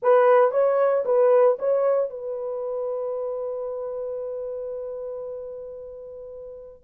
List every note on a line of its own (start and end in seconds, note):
0.02 0.51 B4
0.51 1.04 C#5
1.05 1.58 B4
1.59 2.10 C#5
2.10 6.83 B4